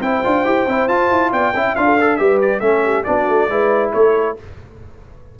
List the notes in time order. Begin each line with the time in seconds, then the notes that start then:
0.00 C4 E4 C5 G5
0.24 D4 F4
0.44 E4 G4
0.67 C4 E4
0.88 F4 A5
1.11 E4
1.32 B3 D5 G5
1.53 C#4 E4 E5
1.75 D4 F4 F5
1.85 A4
2.00 A4
2.16 G3 G4 B4 E5
2.41 D5
2.60 A3 C#4 A4 E5
2.84 G4
3.04 B3 D4 F#4 D5
3.28 A3
3.49 G#3 E4 B4
3.93 A3 A4 C#5